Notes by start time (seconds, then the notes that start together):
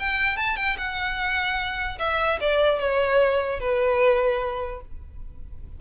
0.00 G5
0.37 A5
0.57 G5
0.78 F#5
1.99 E5
2.41 D5
2.80 C#5
3.60 B4